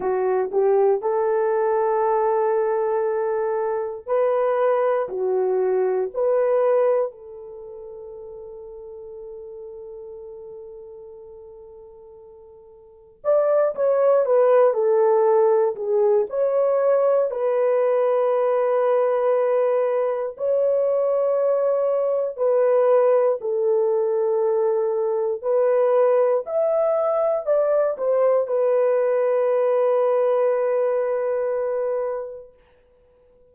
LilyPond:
\new Staff \with { instrumentName = "horn" } { \time 4/4 \tempo 4 = 59 fis'8 g'8 a'2. | b'4 fis'4 b'4 a'4~ | a'1~ | a'4 d''8 cis''8 b'8 a'4 gis'8 |
cis''4 b'2. | cis''2 b'4 a'4~ | a'4 b'4 e''4 d''8 c''8 | b'1 | }